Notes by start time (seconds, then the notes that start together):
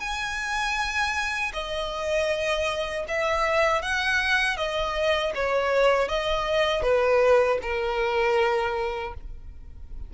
0.00 G#5
1.53 D#5
3.08 E5
3.82 F#5
4.57 D#5
5.35 C#5
6.08 D#5
6.83 B4
7.62 A#4